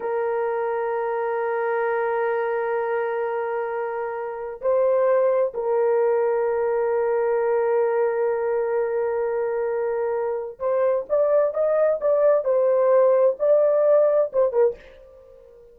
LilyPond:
\new Staff \with { instrumentName = "horn" } { \time 4/4 \tempo 4 = 130 ais'1~ | ais'1~ | ais'2 c''2 | ais'1~ |
ais'1~ | ais'2. c''4 | d''4 dis''4 d''4 c''4~ | c''4 d''2 c''8 ais'8 | }